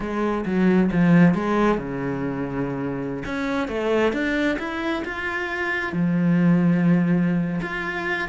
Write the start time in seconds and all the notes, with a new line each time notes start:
0.00 G#3
0.45 F#3
0.91 F3
1.34 G#3
1.77 C#3
3.25 C#4
3.68 A3
4.12 D4
4.58 E4
5.05 F4
5.92 F3
7.61 F4